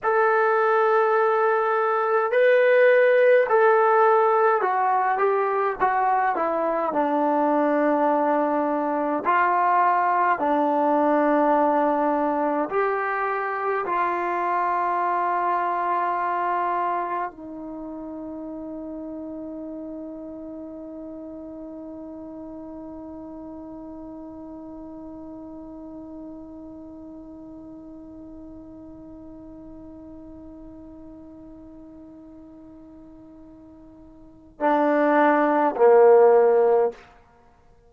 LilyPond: \new Staff \with { instrumentName = "trombone" } { \time 4/4 \tempo 4 = 52 a'2 b'4 a'4 | fis'8 g'8 fis'8 e'8 d'2 | f'4 d'2 g'4 | f'2. dis'4~ |
dis'1~ | dis'1~ | dis'1~ | dis'2 d'4 ais4 | }